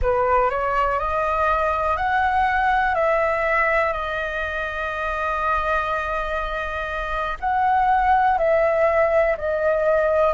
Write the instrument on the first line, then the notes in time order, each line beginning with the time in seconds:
flute
0.01 B4
0.50 C#5
0.99 D#5
1.97 F#5
2.95 E5
3.92 D#5
7.39 F#5
8.37 E5
9.37 D#5